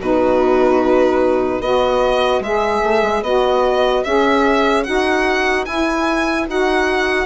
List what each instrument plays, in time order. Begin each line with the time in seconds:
0.00 bassoon B2, saxophone D#4, viola F#4, violin B4
1.60 bassoon B3, saxophone F#4, viola B4, violin D#5
2.40 bassoon G#3, saxophone G#4, violin E5
2.84 bassoon A3
3.02 bassoon G#3
3.22 bassoon B3, saxophone F#4, violin D#5
4.04 bassoon C#4, saxophone G#4, violin E5
4.84 bassoon D#4, saxophone F#4, violin F#5
5.66 bassoon E4, saxophone E4, violin G#5
6.48 bassoon D#4, saxophone F#4, violin F#5